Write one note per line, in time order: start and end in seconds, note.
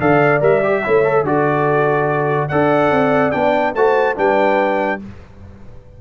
0.00 0.42 D3
0.00 0.41 A4
0.00 0.83 D5
0.00 0.42 F5
0.41 0.83 G3
0.41 0.61 A#4
0.41 1.26 E5
0.63 0.84 G4
0.84 1.23 A3
0.84 1.05 E4
0.84 1.25 C#5
1.05 1.25 A4
1.23 2.48 D3
1.23 2.50 F#4
1.23 2.49 A4
1.23 2.49 D5
2.49 2.91 D4
2.49 3.32 A4
2.49 3.74 D5
2.49 3.31 F#5
2.91 3.32 C4
3.31 3.75 B3
3.31 3.74 D4
3.31 3.73 G5
3.75 4.16 A3
3.75 4.16 F#4
3.75 4.17 C5
3.75 4.17 A5
4.16 5.01 G3
4.16 4.99 D4
4.16 5.00 B4
4.16 5.01 G5